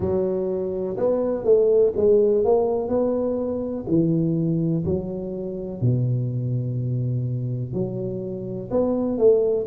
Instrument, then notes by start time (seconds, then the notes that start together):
tuba
0.00 F#3
0.97 B3
1.44 A3
1.96 G#3
2.44 A#3
2.88 B3
3.88 E3
4.85 F#3
5.81 B2
7.73 F#3
8.71 B3
9.18 A3